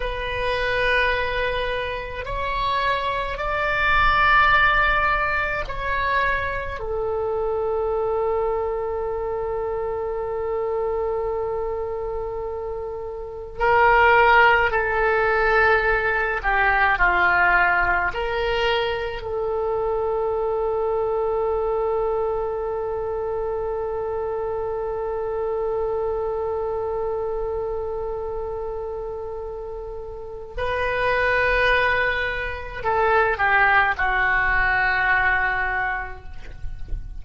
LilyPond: \new Staff \with { instrumentName = "oboe" } { \time 4/4 \tempo 4 = 53 b'2 cis''4 d''4~ | d''4 cis''4 a'2~ | a'1 | ais'4 a'4. g'8 f'4 |
ais'4 a'2.~ | a'1~ | a'2. b'4~ | b'4 a'8 g'8 fis'2 | }